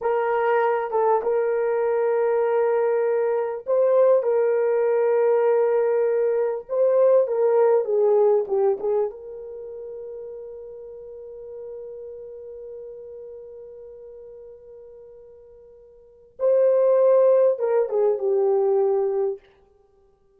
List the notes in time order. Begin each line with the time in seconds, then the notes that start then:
0.01 A#4
0.90 A4
1.22 A#4
3.66 C5
4.22 A#4
6.69 C5
7.27 A#4
7.84 G#4
8.47 G4
8.80 G#4
9.10 A#4
16.39 C5
17.59 A#4
17.89 G#4
18.18 G4